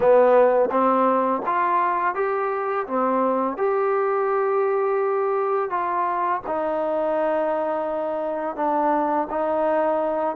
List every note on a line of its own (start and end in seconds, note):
0.00 0.69 B3
0.70 1.42 C4
1.45 2.14 F4
2.14 2.86 G4
2.86 3.57 C4
3.57 5.69 G4
5.69 6.41 F4
6.46 8.56 D#4
8.56 9.27 D4
9.30 10.35 D#4